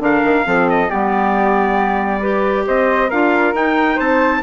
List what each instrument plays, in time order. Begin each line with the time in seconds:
0.00 bassoon D3, clarinet D4, flute A#4, trumpet F5
0.24 bassoon D#3
0.45 bassoon F3, clarinet C4, flute A4
0.70 trumpet D#5
0.90 bassoon G3, clarinet B3, flute G4, trumpet D5
2.21 clarinet G4, flute B4
2.67 bassoon C4, flute C5, trumpet D#5
3.09 bassoon D4, clarinet F4, flute A#4, trumpet F5
3.54 bassoon D#4, clarinet D#4, trumpet G5
3.96 bassoon C4, flute C5, trumpet A5